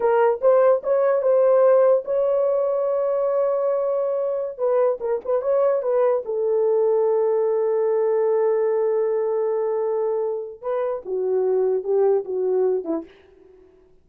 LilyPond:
\new Staff \with { instrumentName = "horn" } { \time 4/4 \tempo 4 = 147 ais'4 c''4 cis''4 c''4~ | c''4 cis''2.~ | cis''2.~ cis''16 b'8.~ | b'16 ais'8 b'8 cis''4 b'4 a'8.~ |
a'1~ | a'1~ | a'2 b'4 fis'4~ | fis'4 g'4 fis'4. e'8 | }